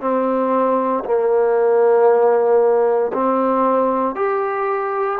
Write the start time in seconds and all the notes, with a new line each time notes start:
0.00 C4
1.04 A#3
3.13 C4
4.15 G4